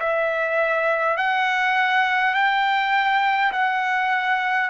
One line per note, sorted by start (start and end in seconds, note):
0.00 1.17 E5
1.17 2.35 F#5
2.35 3.52 G5
3.52 4.70 F#5